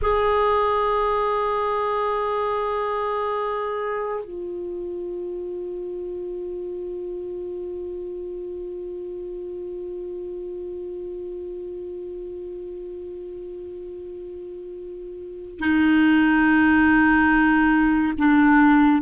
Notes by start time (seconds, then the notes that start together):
0.02 G#4
4.24 F4
15.59 D#4
18.18 D4